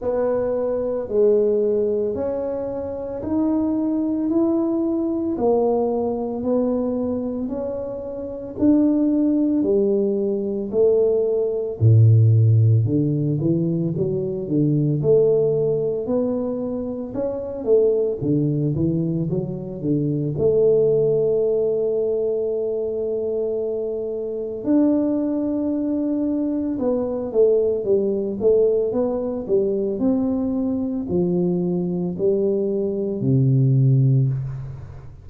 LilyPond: \new Staff \with { instrumentName = "tuba" } { \time 4/4 \tempo 4 = 56 b4 gis4 cis'4 dis'4 | e'4 ais4 b4 cis'4 | d'4 g4 a4 a,4 | d8 e8 fis8 d8 a4 b4 |
cis'8 a8 d8 e8 fis8 d8 a4~ | a2. d'4~ | d'4 b8 a8 g8 a8 b8 g8 | c'4 f4 g4 c4 | }